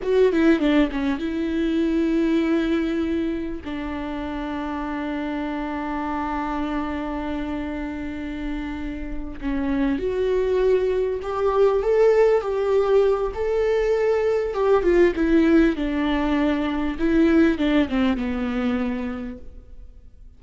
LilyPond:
\new Staff \with { instrumentName = "viola" } { \time 4/4 \tempo 4 = 99 fis'8 e'8 d'8 cis'8 e'2~ | e'2 d'2~ | d'1~ | d'2.~ d'8 cis'8~ |
cis'8 fis'2 g'4 a'8~ | a'8 g'4. a'2 | g'8 f'8 e'4 d'2 | e'4 d'8 c'8 b2 | }